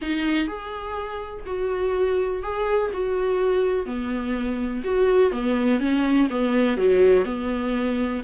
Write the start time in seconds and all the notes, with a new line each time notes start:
0.01 D#4
0.47 G#4
1.46 F#4
2.42 G#4
2.93 F#4
3.86 B3
4.84 F#4
5.31 B3
5.79 C#4
6.30 B3
6.77 F#3
7.25 B3